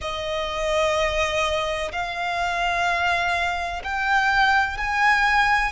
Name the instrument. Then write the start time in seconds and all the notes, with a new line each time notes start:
violin
0.01 D#5
1.92 F5
3.83 G5
4.77 G#5